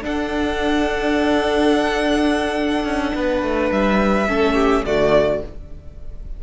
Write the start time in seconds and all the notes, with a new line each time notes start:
0.00 D4 A4 F#5
2.84 C#4
3.14 B3 B4
3.42 A3
3.71 G3 E5
4.27 A3 C#4 A4
4.54 G4
4.85 D3 A3 F#4 D5